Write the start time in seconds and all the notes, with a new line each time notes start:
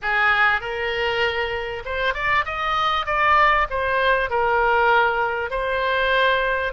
0.02 G#4
0.60 A#4
1.85 C5
2.14 D5
2.45 D#5
3.06 D5
3.70 C5
4.30 A#4
5.50 C5